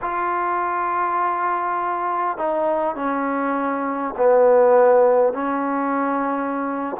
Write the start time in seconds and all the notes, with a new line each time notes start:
0.01 F4
2.37 D#4
2.95 C#4
4.17 B3
5.33 C#4